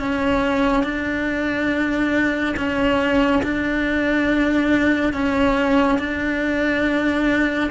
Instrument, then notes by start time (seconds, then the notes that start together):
cello
0.00 C#4
0.84 D4
2.57 C#4
3.43 D4
5.14 C#4
5.99 D4